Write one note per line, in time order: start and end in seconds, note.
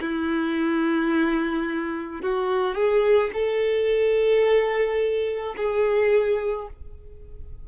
0.00 2.21 E4
2.21 2.74 F#4
2.74 3.30 G#4
3.33 5.55 A4
5.57 6.68 G#4